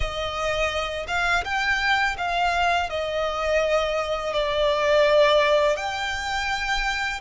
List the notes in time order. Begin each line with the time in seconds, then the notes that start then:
0.00 D#5
1.07 F5
1.44 G5
2.17 F5
2.89 D#5
4.33 D5
5.76 G5